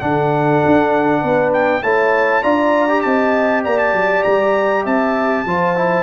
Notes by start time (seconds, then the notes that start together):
0.00 D3 D4 A4 F#5
0.66 D4
1.21 B3 B4
1.53 G5
1.83 A3 E4 C#5 A5
2.42 D4 F4 D5 A#5
2.89 G4
3.01 C4 D#5 A5
3.64 A#3 D5 A#5
3.78 A5
3.93 F#3
4.23 G3 A#5
4.83 C4 E5 A5
5.45 F3 F4 C5
5.76 E4